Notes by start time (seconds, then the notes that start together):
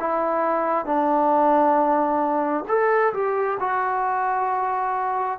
0.00 E4
0.86 D4
2.69 A4
3.13 G4
3.60 F#4